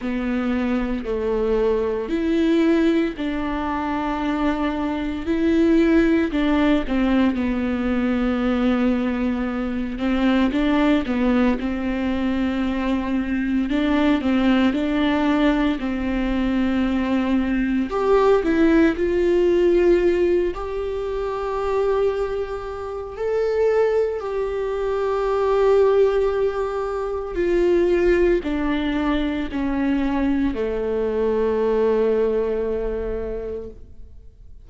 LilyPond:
\new Staff \with { instrumentName = "viola" } { \time 4/4 \tempo 4 = 57 b4 a4 e'4 d'4~ | d'4 e'4 d'8 c'8 b4~ | b4. c'8 d'8 b8 c'4~ | c'4 d'8 c'8 d'4 c'4~ |
c'4 g'8 e'8 f'4. g'8~ | g'2 a'4 g'4~ | g'2 f'4 d'4 | cis'4 a2. | }